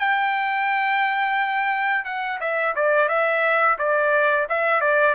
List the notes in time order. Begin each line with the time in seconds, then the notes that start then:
0.00 G5
2.05 F#5
2.41 E5
2.76 D5
3.09 E5
3.79 D5
4.50 E5
4.82 D5